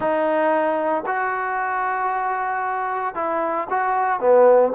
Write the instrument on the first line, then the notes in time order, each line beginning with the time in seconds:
trombone
0.00 D#4
1.06 F#4
3.14 E4
3.69 F#4
4.20 B3